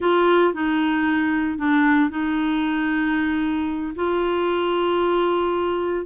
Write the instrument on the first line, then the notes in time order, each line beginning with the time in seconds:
clarinet
0.00 F4
0.53 D#4
1.58 D4
2.10 D#4
3.95 F4